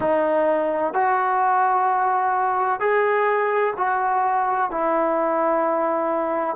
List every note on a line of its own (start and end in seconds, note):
0.00 0.93 D#4
0.93 2.80 F#4
2.80 3.73 G#4
3.77 4.70 F#4
4.70 6.55 E4